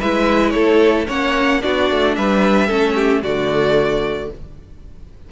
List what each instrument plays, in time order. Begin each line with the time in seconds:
0.00 cello G#3, viola E4, violin B4 E5
0.50 cello A3, violin A4 C#5
1.08 cello A#3, viola C#4, violin C#5 F#5
1.62 cello B3, viola D4, violin F#4 D5
1.91 cello A3
2.15 cello G3, violin B4 E5
2.68 cello A3, viola C#4, violin A4
2.96 violin G4
3.23 cello D3, viola A3, violin F#4 D5